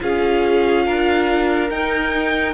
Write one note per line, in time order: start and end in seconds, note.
0.00 0.87 C#4
0.00 1.69 F4
0.00 0.85 G#4
0.00 1.70 F5
0.85 1.70 D4
0.85 2.54 A#4
1.70 2.54 D#4
1.70 2.54 G5